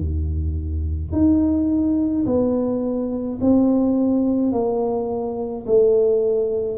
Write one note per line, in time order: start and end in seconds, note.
0.00 1.13 D#2
1.13 2.26 D#4
2.26 3.39 B3
3.42 4.52 C4
4.52 5.66 A#3
5.67 6.79 A3